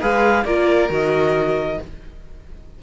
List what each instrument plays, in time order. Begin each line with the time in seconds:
0.00 cello G#3, viola G#4, violin B4, clarinet F5
0.45 cello A#3, viola F4, violin A#4, clarinet D5
0.90 cello D#3, viola F#4, clarinet D#5